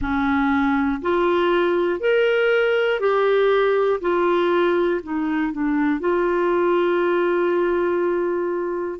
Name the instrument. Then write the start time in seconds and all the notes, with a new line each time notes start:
clarinet
0.01 C#4
1.01 F4
2.00 A#4
3.00 G4
4.00 F4
5.03 D#4
5.52 D4
6.00 F4